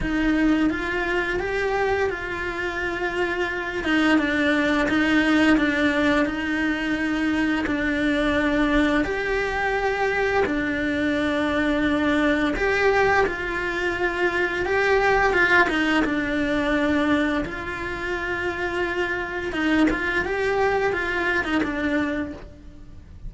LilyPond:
\new Staff \with { instrumentName = "cello" } { \time 4/4 \tempo 4 = 86 dis'4 f'4 g'4 f'4~ | f'4. dis'8 d'4 dis'4 | d'4 dis'2 d'4~ | d'4 g'2 d'4~ |
d'2 g'4 f'4~ | f'4 g'4 f'8 dis'8 d'4~ | d'4 f'2. | dis'8 f'8 g'4 f'8. dis'16 d'4 | }